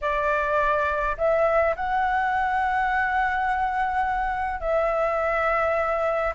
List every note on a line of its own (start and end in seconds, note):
0.01 1.16 D5
1.17 1.75 E5
1.76 4.60 F#5
4.60 6.33 E5